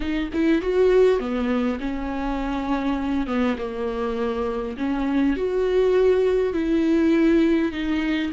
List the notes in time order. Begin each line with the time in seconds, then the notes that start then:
0.00 D#4
0.33 E4
0.61 F#4
1.19 B3
1.80 C#4
3.26 B3
3.58 A#3
4.77 C#4
5.36 F#4
6.53 E4
7.72 D#4